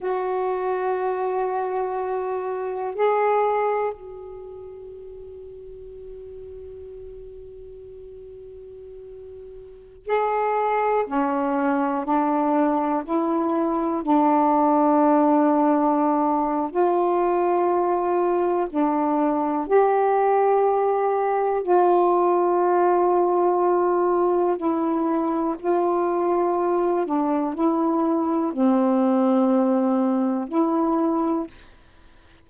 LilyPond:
\new Staff \with { instrumentName = "saxophone" } { \time 4/4 \tempo 4 = 61 fis'2. gis'4 | fis'1~ | fis'2~ fis'16 gis'4 cis'8.~ | cis'16 d'4 e'4 d'4.~ d'16~ |
d'4 f'2 d'4 | g'2 f'2~ | f'4 e'4 f'4. d'8 | e'4 c'2 e'4 | }